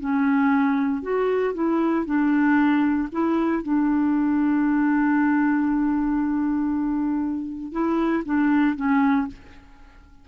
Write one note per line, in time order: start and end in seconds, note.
0.00 1.03 C#4
1.03 1.54 F#4
1.54 2.05 E4
2.06 3.08 D4
3.12 3.63 E4
3.63 7.72 D4
7.72 8.23 E4
8.25 8.76 D4
8.76 9.27 C#4